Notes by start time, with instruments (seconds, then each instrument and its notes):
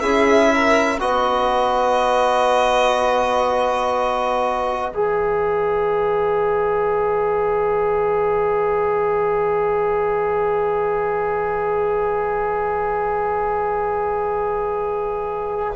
0.00 bassoon C#4, trombone E4, violin G#4 E5
0.54 violin A#4
0.99 bassoon B3, trombone F#4, violin B4 D#5
4.92 bassoon E3, trombone G#4, violin E5